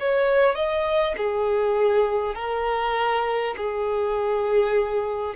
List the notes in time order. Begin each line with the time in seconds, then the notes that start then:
0.00 C#5
0.55 D#5
1.18 G#4
2.35 A#4
3.57 G#4